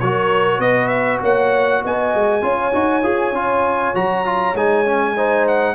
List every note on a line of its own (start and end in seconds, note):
0.00 0.59 F#3
0.00 2.42 F#4
0.00 0.61 A#4
0.00 0.61 C#5
0.59 1.19 B3
0.59 1.22 B4
0.59 0.88 D#5
0.88 1.18 E5
1.22 1.83 A#3
1.22 1.82 C#5
1.22 1.84 F#5
1.84 2.14 B3
1.84 2.44 D#5
1.84 3.95 G#5
2.14 2.42 G#3
2.42 2.72 C#4
2.42 2.72 F4
2.42 5.16 C#5
2.72 3.03 D#4
2.72 3.02 F#4
3.03 3.32 F4
3.03 3.33 G#4
3.32 3.93 C#4
3.32 3.94 F4
3.94 4.54 F#3
3.94 4.25 F#4
3.94 4.56 A#5
4.25 4.55 F4
4.54 5.75 G#3
4.54 4.85 D#4
4.54 5.47 G#5
4.85 5.16 C#4
5.16 5.75 D#4
5.16 5.75 C5
5.48 5.75 F#5